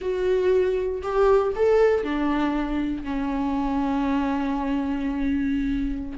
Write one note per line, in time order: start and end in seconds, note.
0.01 1.02 F#4
1.02 1.52 G4
1.55 2.03 A4
2.03 3.03 D4
3.03 6.18 C#4